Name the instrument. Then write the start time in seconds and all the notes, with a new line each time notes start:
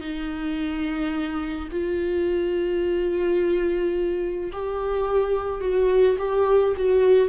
viola
0.00 D#4
1.71 F4
4.52 G4
5.60 F#4
6.18 G4
6.76 F#4